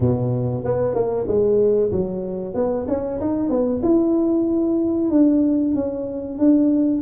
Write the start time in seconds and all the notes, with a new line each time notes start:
0.00 B2
0.64 B3
0.95 A#3
1.27 G#3
1.91 F#3
2.54 B3
2.88 C#4
3.20 D#4
3.49 B3
3.83 E4
5.10 D4
5.74 C#4
6.38 D4